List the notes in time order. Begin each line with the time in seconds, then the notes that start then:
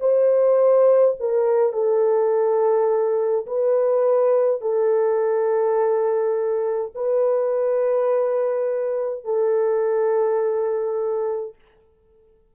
0.00 C5
1.20 A#4
1.73 A4
3.47 B4
4.62 A4
6.95 B4
9.25 A4